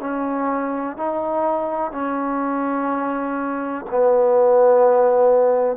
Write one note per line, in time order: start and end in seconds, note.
0.00 0.97 C#4
0.97 1.92 D#4
1.92 3.85 C#4
3.91 5.77 B3